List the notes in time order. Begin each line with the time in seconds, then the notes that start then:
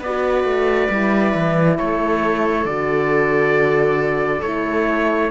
0.00 B3 B4 D5
0.06 F#4
0.44 A3
0.90 G3 E4
1.35 E3
1.78 A3 A4 C#5
2.66 D3 F#4 D5
4.42 A3 E4 C#5